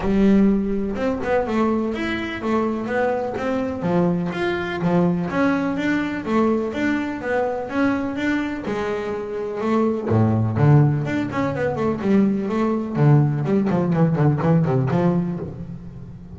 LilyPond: \new Staff \with { instrumentName = "double bass" } { \time 4/4 \tempo 4 = 125 g2 c'8 b8 a4 | e'4 a4 b4 c'4 | f4 f'4 f4 cis'4 | d'4 a4 d'4 b4 |
cis'4 d'4 gis2 | a4 a,4 d4 d'8 cis'8 | b8 a8 g4 a4 d4 | g8 f8 e8 d8 e8 c8 f4 | }